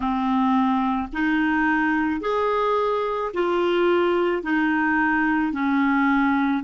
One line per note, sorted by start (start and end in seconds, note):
0.00 1.08 C4
1.13 2.20 D#4
2.20 3.31 G#4
3.33 4.42 F4
4.42 5.52 D#4
5.52 6.63 C#4